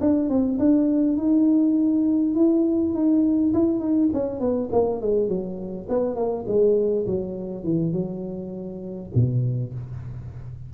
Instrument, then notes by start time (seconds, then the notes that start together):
tuba
0.00 D4
0.29 C4
0.58 D4
1.17 D#4
2.34 E4
2.93 D#4
3.53 E4
3.79 D#4
4.13 C#4
4.39 B3
4.72 A#3
5.01 G#3
5.28 F#3
5.88 B3
6.15 A#3
6.47 G#3
7.06 F#3
7.63 E3
7.92 F#3
9.14 B2